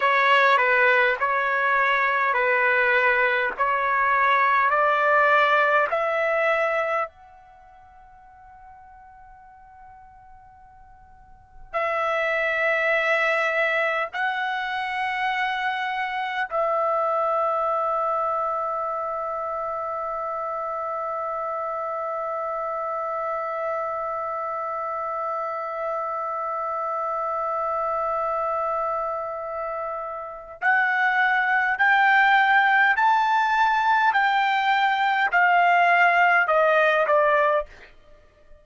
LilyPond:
\new Staff \with { instrumentName = "trumpet" } { \time 4/4 \tempo 4 = 51 cis''8 b'8 cis''4 b'4 cis''4 | d''4 e''4 fis''2~ | fis''2 e''2 | fis''2 e''2~ |
e''1~ | e''1~ | e''2 fis''4 g''4 | a''4 g''4 f''4 dis''8 d''8 | }